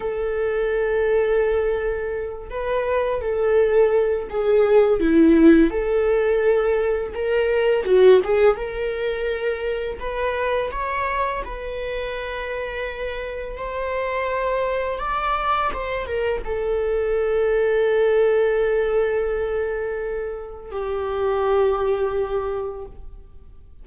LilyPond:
\new Staff \with { instrumentName = "viola" } { \time 4/4 \tempo 4 = 84 a'2.~ a'8 b'8~ | b'8 a'4. gis'4 e'4 | a'2 ais'4 fis'8 gis'8 | ais'2 b'4 cis''4 |
b'2. c''4~ | c''4 d''4 c''8 ais'8 a'4~ | a'1~ | a'4 g'2. | }